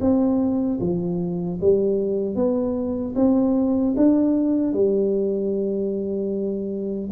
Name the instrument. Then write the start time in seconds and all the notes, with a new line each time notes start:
tuba
0.00 C4
0.80 F3
1.60 G3
2.35 B3
3.15 C4
3.96 D4
4.73 G3